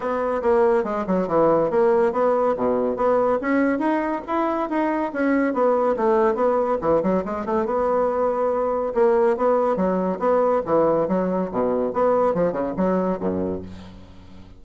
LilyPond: \new Staff \with { instrumentName = "bassoon" } { \time 4/4 \tempo 4 = 141 b4 ais4 gis8 fis8 e4 | ais4 b4 b,4 b4 | cis'4 dis'4 e'4 dis'4 | cis'4 b4 a4 b4 |
e8 fis8 gis8 a8 b2~ | b4 ais4 b4 fis4 | b4 e4 fis4 b,4 | b4 f8 cis8 fis4 fis,4 | }